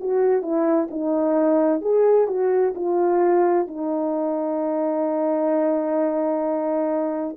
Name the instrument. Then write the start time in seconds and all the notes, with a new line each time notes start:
horn
0.00 F#4
0.42 E4
0.91 D#4
1.82 G#4
2.28 F#4
2.75 F4
3.68 D#4